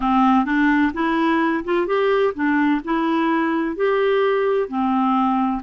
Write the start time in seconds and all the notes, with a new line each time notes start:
0.00 C4
0.45 D4
0.93 E4
1.64 F4
1.86 G4
2.34 D4
2.84 E4
3.76 G4
4.68 C4